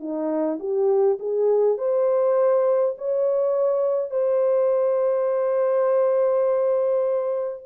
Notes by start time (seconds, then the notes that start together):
0.00 D#4
0.60 G4
1.20 G#4
1.78 C5
2.98 C#5
4.11 C5